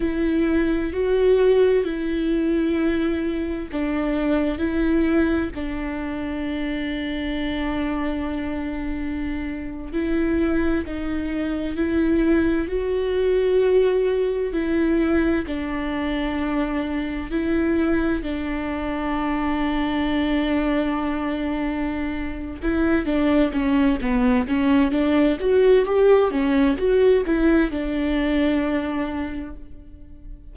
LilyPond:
\new Staff \with { instrumentName = "viola" } { \time 4/4 \tempo 4 = 65 e'4 fis'4 e'2 | d'4 e'4 d'2~ | d'2~ d'8. e'4 dis'16~ | dis'8. e'4 fis'2 e'16~ |
e'8. d'2 e'4 d'16~ | d'1~ | d'8 e'8 d'8 cis'8 b8 cis'8 d'8 fis'8 | g'8 cis'8 fis'8 e'8 d'2 | }